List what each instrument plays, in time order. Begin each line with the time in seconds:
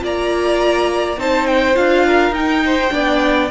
0.00 cello A#3, viola F4, violin D5
0.06 violin A#5
1.18 cello C4, viola D#4, violin C5 A5
1.47 violin G5
1.75 cello D4, viola F4, violin F5
2.07 violin A#4
2.31 cello D#4, viola D#4, violin G5
2.66 violin C5
2.91 cello B3, viola D4, violin D5